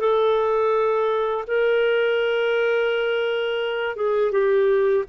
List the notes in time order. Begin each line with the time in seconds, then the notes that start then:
0.00 A4
1.47 A#4
3.96 G#4
4.32 G4